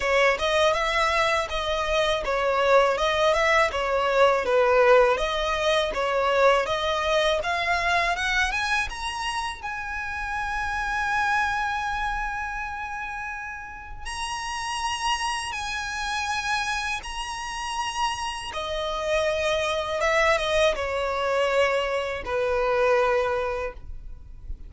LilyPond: \new Staff \with { instrumentName = "violin" } { \time 4/4 \tempo 4 = 81 cis''8 dis''8 e''4 dis''4 cis''4 | dis''8 e''8 cis''4 b'4 dis''4 | cis''4 dis''4 f''4 fis''8 gis''8 | ais''4 gis''2.~ |
gis''2. ais''4~ | ais''4 gis''2 ais''4~ | ais''4 dis''2 e''8 dis''8 | cis''2 b'2 | }